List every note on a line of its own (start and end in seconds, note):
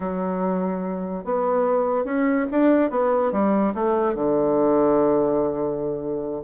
0.00 1.24 F#3
1.24 2.04 B3
2.04 2.46 C#4
2.51 2.90 D4
2.90 3.32 B3
3.32 3.73 G3
3.74 4.15 A3
4.15 6.42 D3